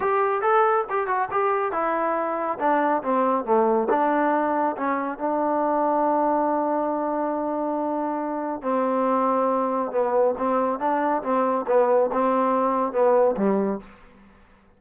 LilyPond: \new Staff \with { instrumentName = "trombone" } { \time 4/4 \tempo 4 = 139 g'4 a'4 g'8 fis'8 g'4 | e'2 d'4 c'4 | a4 d'2 cis'4 | d'1~ |
d'1 | c'2. b4 | c'4 d'4 c'4 b4 | c'2 b4 g4 | }